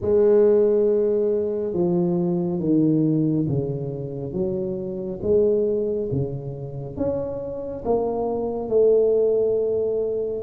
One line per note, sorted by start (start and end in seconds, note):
0.01 1.73 G#3
1.73 2.59 F3
2.59 3.46 D#3
3.48 4.32 C#3
4.32 5.19 F#3
5.22 6.09 G#3
6.11 6.96 C#3
6.96 7.83 C#4
7.85 8.68 A#3
8.68 10.42 A3